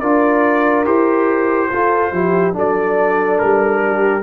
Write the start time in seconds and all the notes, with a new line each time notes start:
0.00 D4 F4 A#4 D5
0.85 E4 G4 C5
1.71 F4 A4
2.12 F3 E4 G4
2.53 F#3 D4 A4 D5
3.39 G3 A#4
3.86 G4